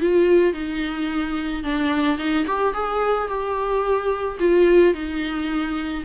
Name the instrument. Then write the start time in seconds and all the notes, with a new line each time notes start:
viola
0.00 F4
0.53 D#4
1.63 D4
2.18 D#4
2.46 G4
2.73 G#4
3.28 G4
4.39 F4
4.94 D#4